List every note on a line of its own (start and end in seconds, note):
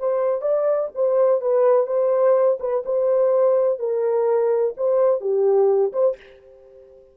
0.00 0.42 C5
0.42 0.90 D5
0.95 1.42 C5
1.42 1.87 B4
1.87 2.59 C5
2.60 2.84 B4
2.86 3.80 C5
3.80 4.75 A#4
4.78 5.21 C5
5.21 5.93 G4
5.93 6.17 C5